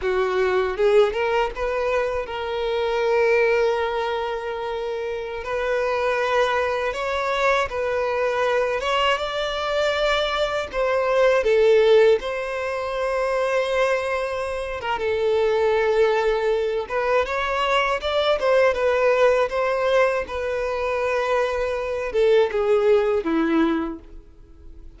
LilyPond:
\new Staff \with { instrumentName = "violin" } { \time 4/4 \tempo 4 = 80 fis'4 gis'8 ais'8 b'4 ais'4~ | ais'2.~ ais'16 b'8.~ | b'4~ b'16 cis''4 b'4. cis''16~ | cis''16 d''2 c''4 a'8.~ |
a'16 c''2.~ c''8 ais'16 | a'2~ a'8 b'8 cis''4 | d''8 c''8 b'4 c''4 b'4~ | b'4. a'8 gis'4 e'4 | }